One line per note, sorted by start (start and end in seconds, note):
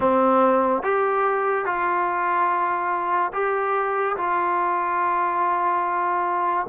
0.00 0.83 C4
0.83 1.65 G4
1.65 3.31 F4
3.33 4.16 G4
4.17 6.67 F4